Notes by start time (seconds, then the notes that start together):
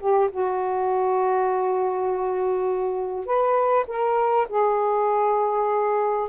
0.00 G4
0.31 F#4
3.26 B4
3.88 A#4
4.49 G#4